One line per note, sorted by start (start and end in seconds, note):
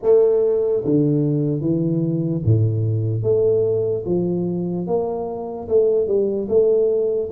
0.02 0.83 A3
0.84 1.60 D3
1.60 2.41 E3
2.44 3.22 A2
3.22 4.04 A3
4.05 4.86 F3
4.86 5.68 A#3
5.68 6.07 A3
6.07 6.48 G3
6.48 7.29 A3